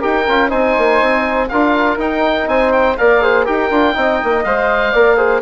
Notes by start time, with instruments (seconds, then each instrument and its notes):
0.00 bassoon D#4, trombone G4, flute A#4, oboe G5
0.28 bassoon C#4, trombone F4
0.49 bassoon C4, trombone D#4, flute C5, oboe G#5
0.78 bassoon A#3
1.02 bassoon C4
1.49 bassoon D4, trombone F4, flute A#4, oboe F5
1.97 bassoon D#4, trombone D#4, oboe G5
2.47 bassoon C4, flute C5, oboe G#5
2.72 oboe G5
2.97 bassoon A#3, trombone A#4, flute D5, oboe F5
3.22 trombone G#4, flute C5
3.45 bassoon D#4, trombone G4, flute A#4, oboe G5
3.71 bassoon D4, trombone F4
3.94 bassoon C4, trombone D#4, flute D#5
4.24 bassoon A#3
4.44 bassoon G#3, trombone C5, oboe F5
4.92 bassoon A#3, trombone A#4, flute D5
5.17 trombone G#4, flute C5